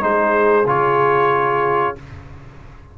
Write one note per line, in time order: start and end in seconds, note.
0.00 0.66 G#3
0.00 0.65 D#4
0.00 1.98 G#4
0.00 0.67 C5
0.66 1.95 C#3
0.66 1.95 F4
0.66 1.97 C#5